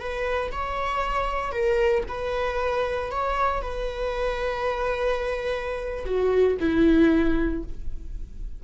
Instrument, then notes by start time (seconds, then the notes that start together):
viola
0.00 B4
0.52 C#5
1.52 A#4
2.08 B4
3.11 C#5
3.62 B4
6.06 F#4
6.60 E4